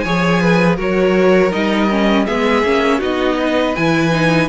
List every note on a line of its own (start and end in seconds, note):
0.00 0.79 F3
0.00 0.78 G#4
0.00 0.41 C#5
0.00 0.74 G#5
0.41 0.77 B4
0.77 1.53 F#3
0.77 1.52 F#4
0.77 2.25 A#4
0.77 1.53 C#5
1.52 2.28 G3
1.52 1.89 D#4
1.52 2.27 D#5
1.90 2.27 C#4
2.26 2.64 G#3
2.26 2.64 B3
2.26 2.99 G#4
2.26 3.01 E5
2.64 3.01 A#3
2.64 3.01 C#4
2.99 3.76 B3
2.99 3.75 D#4
2.99 3.36 F#4
2.99 3.76 D#5
3.40 4.49 B4
3.76 4.49 E3
3.76 4.12 E4
3.76 4.49 G#5
4.12 4.49 D#4